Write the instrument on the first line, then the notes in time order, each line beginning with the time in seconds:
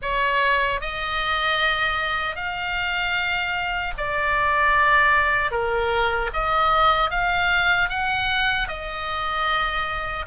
oboe
0.01 C#5
0.80 D#5
2.35 F5
3.97 D5
5.50 A#4
6.33 D#5
7.10 F5
7.89 F#5
8.67 D#5